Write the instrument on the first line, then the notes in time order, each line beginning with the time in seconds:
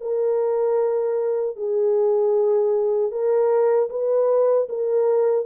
horn
0.00 A#4
1.56 G#4
3.11 A#4
3.90 B4
4.69 A#4